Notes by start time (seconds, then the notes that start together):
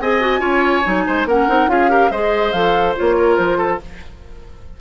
0.00 C4 G#4 D#5 G#5
0.21 F#4
0.39 C#4 F4 C#5
0.84 F#3 D#4
1.07 G#3 C5
1.25 A#3 C#4 A#4 F#5
1.48 C4 D#4
1.66 C#4 F4 G#4 F5
1.89 G4 A#4
2.10 G#3 G#4 C5 D#5
2.52 F3 A4 F5
2.96 A#3 F4 C#5
3.17 A#4
3.36 F3 C5
3.57 A4